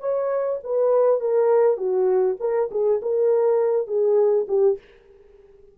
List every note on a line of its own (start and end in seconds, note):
0.00 0.59 C#5
0.64 1.20 B4
1.20 1.77 A#4
1.77 2.37 F#4
2.40 2.70 A#4
2.71 3.01 G#4
3.02 3.87 A#4
3.87 4.47 G#4
4.48 4.78 G4